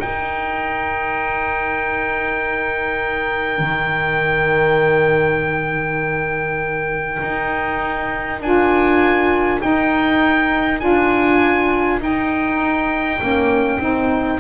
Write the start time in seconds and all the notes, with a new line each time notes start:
0.00 D#4 A#4 G5
3.59 D#3
7.22 D#4
8.40 D4 F4 G#5
9.62 D#4 G5
10.80 D4 F4 G#5
12.00 D#4 G5
13.21 A#3 C#4
13.79 C4 D#4